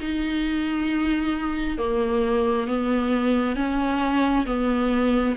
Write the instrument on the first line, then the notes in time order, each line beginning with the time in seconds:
viola
0.00 D#4
1.78 A#3
2.67 B3
3.56 C#4
4.46 B3